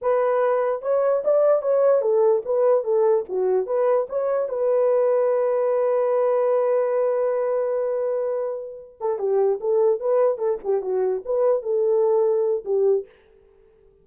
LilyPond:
\new Staff \with { instrumentName = "horn" } { \time 4/4 \tempo 4 = 147 b'2 cis''4 d''4 | cis''4 a'4 b'4 a'4 | fis'4 b'4 cis''4 b'4~ | b'1~ |
b'1~ | b'2 a'8 g'4 a'8~ | a'8 b'4 a'8 g'8 fis'4 b'8~ | b'8 a'2~ a'8 g'4 | }